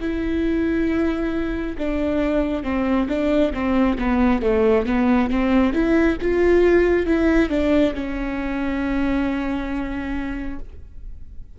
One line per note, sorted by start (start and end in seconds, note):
0.00 1.76 E4
1.78 2.63 D4
2.63 3.07 C4
3.08 3.53 D4
3.53 3.97 C4
3.98 4.42 B3
4.42 4.86 A3
4.86 5.30 B3
5.30 5.73 C4
5.73 6.17 E4
6.21 7.06 F4
7.06 7.50 E4
7.50 7.94 D4
7.94 10.59 C#4